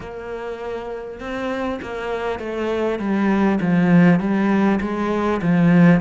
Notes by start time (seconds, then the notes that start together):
0.00 A#3
1.19 C4
1.82 A#3
2.39 A3
2.99 G3
3.60 F3
4.19 G3
4.81 G#3
5.42 F3